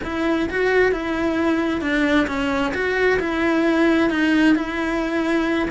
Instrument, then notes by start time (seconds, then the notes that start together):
cello
0.03 E4
0.49 F#4
0.92 E4
1.81 D4
2.27 C#4
2.74 F#4
3.19 E4
4.10 D#4
4.55 E4